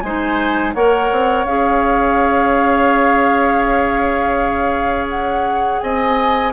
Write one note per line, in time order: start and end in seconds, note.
0.00 0.74 G#3
0.00 0.75 D#4
0.00 0.74 C5
0.00 0.72 G#5
0.74 1.10 A#3
0.74 1.47 A#4
0.74 5.80 C#5
0.74 1.45 F#5
1.12 1.44 C4
1.44 5.78 C#4
1.44 6.53 G#4
1.44 5.07 F5
5.09 5.80 F#5
5.80 6.53 C4
5.80 6.53 D#5
5.80 6.52 G#5